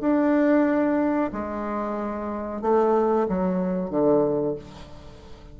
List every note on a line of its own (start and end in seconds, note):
0.00 1.30 D4
1.32 2.61 G#3
2.61 3.27 A3
3.28 3.90 F#3
3.90 4.55 D3